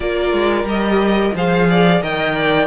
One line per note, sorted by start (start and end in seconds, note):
0.00 0.32 A#3
0.00 0.66 F4
0.00 1.34 A#4
0.00 0.68 D5
0.32 0.63 G#3
0.63 1.30 G3
0.63 1.35 G4
0.63 1.35 D#5
1.34 2.02 F3
1.34 2.01 G#4
1.34 1.68 C5
1.34 2.03 F5
1.69 2.02 D5
2.01 2.67 D#3
2.01 2.67 A#4
2.01 2.35 D#5
2.01 2.67 G5
2.35 2.67 D5